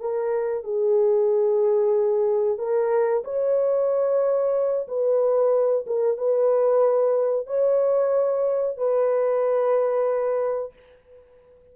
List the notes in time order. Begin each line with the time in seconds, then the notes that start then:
0.00 A#4
0.64 G#4
2.58 A#4
3.25 C#5
4.88 B4
5.87 A#4
6.18 B4
7.47 C#5
8.77 B4